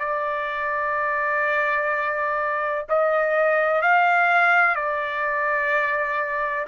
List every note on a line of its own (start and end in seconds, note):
0.00 2.86 D5
2.89 3.82 D#5
3.82 4.76 F5
4.76 6.66 D5